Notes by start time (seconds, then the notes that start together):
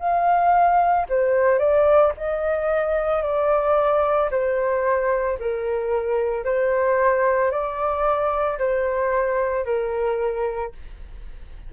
0.00 F5
1.10 C5
1.59 D5
2.18 D#5
3.23 D5
4.31 C5
5.40 A#4
6.45 C5
7.51 D5
8.59 C5
9.65 A#4